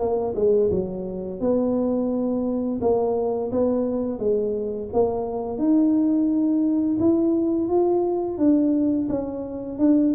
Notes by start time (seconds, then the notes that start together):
0.00 A#3
0.36 G#3
0.71 F#3
1.40 B3
2.82 A#3
3.52 B3
4.20 G#3
4.93 A#3
5.59 D#4
7.00 E4
7.69 F4
8.38 D4
9.10 C#4
9.79 D4